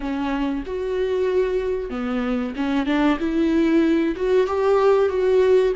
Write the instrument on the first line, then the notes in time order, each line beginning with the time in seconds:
viola
0.00 C#4
0.66 F#4
1.90 B3
2.56 C#4
2.86 D4
3.19 E4
4.16 F#4
4.47 G4
5.09 F#4